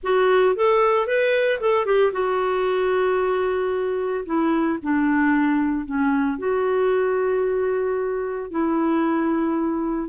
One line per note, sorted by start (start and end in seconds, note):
0.03 0.55 F#4
0.55 1.06 A4
1.06 1.59 B4
1.60 1.85 A4
1.85 2.12 G4
2.12 4.25 F#4
4.25 4.78 E4
4.82 5.85 D4
5.85 6.38 C#4
6.38 8.50 F#4
8.50 10.09 E4